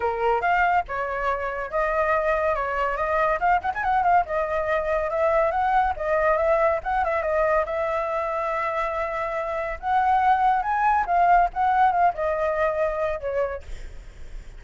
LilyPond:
\new Staff \with { instrumentName = "flute" } { \time 4/4 \tempo 4 = 141 ais'4 f''4 cis''2 | dis''2 cis''4 dis''4 | f''8 fis''16 gis''16 fis''8 f''8 dis''2 | e''4 fis''4 dis''4 e''4 |
fis''8 e''8 dis''4 e''2~ | e''2. fis''4~ | fis''4 gis''4 f''4 fis''4 | f''8 dis''2~ dis''8 cis''4 | }